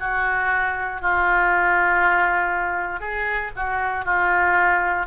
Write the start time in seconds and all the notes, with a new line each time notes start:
0.00 F#4
1.02 F4
3.00 G#4
3.56 F#4
4.05 F4